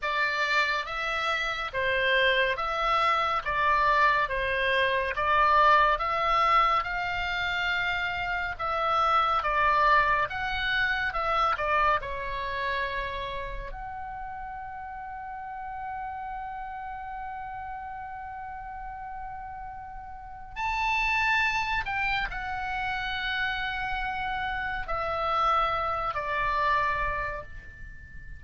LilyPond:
\new Staff \with { instrumentName = "oboe" } { \time 4/4 \tempo 4 = 70 d''4 e''4 c''4 e''4 | d''4 c''4 d''4 e''4 | f''2 e''4 d''4 | fis''4 e''8 d''8 cis''2 |
fis''1~ | fis''1 | a''4. g''8 fis''2~ | fis''4 e''4. d''4. | }